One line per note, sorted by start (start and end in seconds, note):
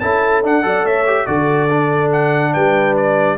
0.00 0.43 C#4
0.00 0.43 E4
0.00 0.65 A4
0.00 0.42 A5
0.43 0.64 D4
0.43 0.62 D4
0.43 0.86 F#5
0.62 0.84 F#3
0.62 1.05 A4
0.62 0.84 D5
0.84 1.26 A3
0.84 1.26 C#5
0.84 1.26 E5
1.07 1.27 G4
1.26 2.54 D3
1.26 1.69 F#4
1.26 2.53 A4
1.26 2.11 D5
1.70 3.38 D4
2.12 2.53 F#5
2.53 3.38 G3
2.53 3.37 B4
2.53 2.96 G5
2.96 3.38 D5